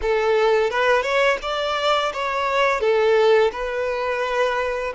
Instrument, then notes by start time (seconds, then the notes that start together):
violin
0.01 A4
0.70 B4
1.02 C#5
1.41 D5
2.13 C#5
2.80 A4
3.51 B4